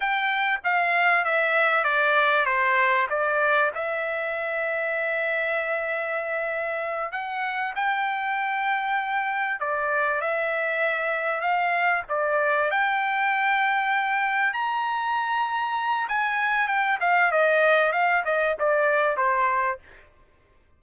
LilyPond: \new Staff \with { instrumentName = "trumpet" } { \time 4/4 \tempo 4 = 97 g''4 f''4 e''4 d''4 | c''4 d''4 e''2~ | e''2.~ e''8 fis''8~ | fis''8 g''2. d''8~ |
d''8 e''2 f''4 d''8~ | d''8 g''2. ais''8~ | ais''2 gis''4 g''8 f''8 | dis''4 f''8 dis''8 d''4 c''4 | }